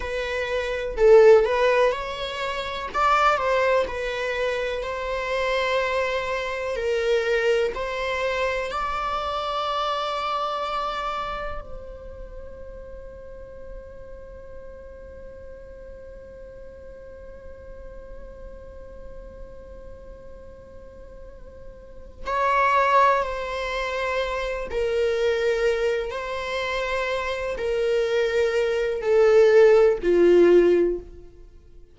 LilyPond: \new Staff \with { instrumentName = "viola" } { \time 4/4 \tempo 4 = 62 b'4 a'8 b'8 cis''4 d''8 c''8 | b'4 c''2 ais'4 | c''4 d''2. | c''1~ |
c''1~ | c''2. cis''4 | c''4. ais'4. c''4~ | c''8 ais'4. a'4 f'4 | }